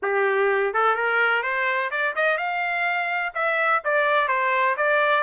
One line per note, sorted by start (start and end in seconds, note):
0.02 0.73 G4
0.73 0.95 A4
0.95 1.42 A#4
1.42 1.90 C5
1.90 2.14 D5
2.15 2.37 D#5
2.37 3.32 F5
3.34 3.82 E5
3.84 4.28 D5
4.28 4.75 C5
4.77 5.23 D5